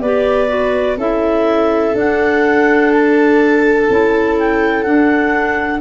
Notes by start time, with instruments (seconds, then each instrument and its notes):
0.00 tuba B3, clarinet G4 D5, viola B4
0.48 clarinet F#4
0.97 tuba C#4, clarinet E4 E5, viola A4
1.94 clarinet D4 F#5, tuba D4
2.92 clarinet A5
3.90 tuba C#4, clarinet E4
4.38 clarinet G5
4.83 clarinet D4 F#5, tuba D4